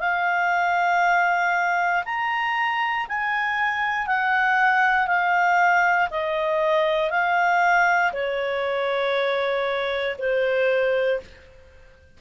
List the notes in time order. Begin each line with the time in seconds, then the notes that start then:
0.00 F5
2.05 A#5
3.08 G#5
4.07 F#5
5.07 F5
6.10 D#5
7.10 F5
8.13 C#5
10.18 C5